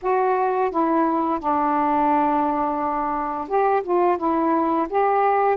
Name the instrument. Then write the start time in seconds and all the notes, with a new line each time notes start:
saxophone
0.02 F#4
0.70 E4
1.40 D4
3.48 G4
3.83 F4
4.17 E4
4.89 G4